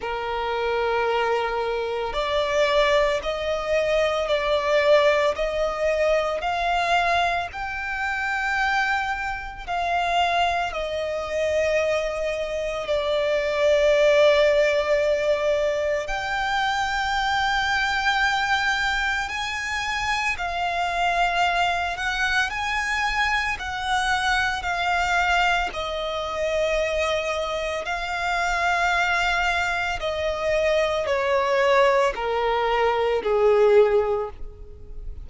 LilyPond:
\new Staff \with { instrumentName = "violin" } { \time 4/4 \tempo 4 = 56 ais'2 d''4 dis''4 | d''4 dis''4 f''4 g''4~ | g''4 f''4 dis''2 | d''2. g''4~ |
g''2 gis''4 f''4~ | f''8 fis''8 gis''4 fis''4 f''4 | dis''2 f''2 | dis''4 cis''4 ais'4 gis'4 | }